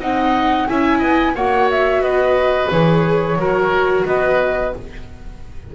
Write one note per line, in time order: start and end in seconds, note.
0.00 0.68 C4
0.00 0.67 D#4
0.00 0.68 D#5
0.00 0.68 F#5
0.68 1.02 C#4
0.68 1.36 E4
0.68 0.99 E5
0.68 1.35 G#5
0.99 1.35 B3
0.99 1.32 D#5
1.35 2.00 A#3
1.35 2.71 F#4
1.35 2.03 C#5
1.35 1.70 F#5
1.71 2.02 E5
2.00 2.68 B3
2.00 3.38 B4
2.00 2.70 D#5
2.71 3.36 E3
2.71 3.38 G#4
2.71 4.06 C#5
3.36 4.04 F#3
3.36 4.73 F#4
3.36 4.07 A#4
4.06 4.73 B3
4.06 4.75 B4
4.06 4.74 D#5